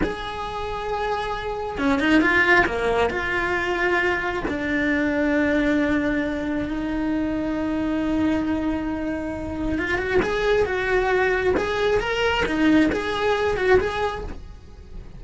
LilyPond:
\new Staff \with { instrumentName = "cello" } { \time 4/4 \tempo 4 = 135 gis'1 | cis'8 dis'8 f'4 ais4 f'4~ | f'2 d'2~ | d'2. dis'4~ |
dis'1~ | dis'2 f'8 fis'8 gis'4 | fis'2 gis'4 ais'4 | dis'4 gis'4. fis'8 gis'4 | }